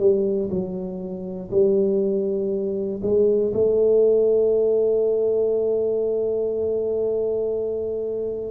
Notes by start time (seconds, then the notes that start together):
0.00 G3
0.50 F#3
1.52 G3
3.03 G#3
3.54 A3